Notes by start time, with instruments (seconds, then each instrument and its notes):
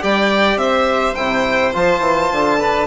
0.00 bassoon G3, trombone G4, violin D5 G5
0.56 bassoon C4, violin C5 E5
1.15 bassoon C3, trombone E4, violin G5
1.73 bassoon F3, trombone F4, violin A5
2.00 bassoon E3
2.32 bassoon D3
2.59 trombone D4, violin B4